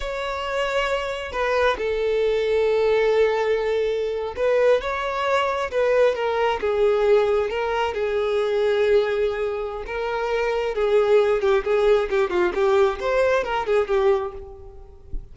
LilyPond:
\new Staff \with { instrumentName = "violin" } { \time 4/4 \tempo 4 = 134 cis''2. b'4 | a'1~ | a'4.~ a'16 b'4 cis''4~ cis''16~ | cis''8. b'4 ais'4 gis'4~ gis'16~ |
gis'8. ais'4 gis'2~ gis'16~ | gis'2 ais'2 | gis'4. g'8 gis'4 g'8 f'8 | g'4 c''4 ais'8 gis'8 g'4 | }